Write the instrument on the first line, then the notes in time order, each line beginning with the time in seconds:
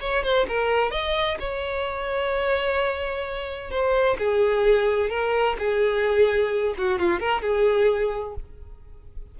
violin
0.00 C#5
0.23 C5
0.48 A#4
0.91 D#5
1.39 C#5
3.70 C5
4.19 G#4
5.10 A#4
5.58 G#4
6.78 F#4
6.99 F4
7.19 A#4
7.42 G#4